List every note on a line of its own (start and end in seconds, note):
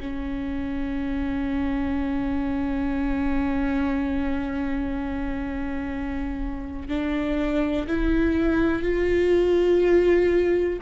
0.00 6.88 C#4
6.88 7.86 D4
7.87 8.82 E4
8.82 10.79 F4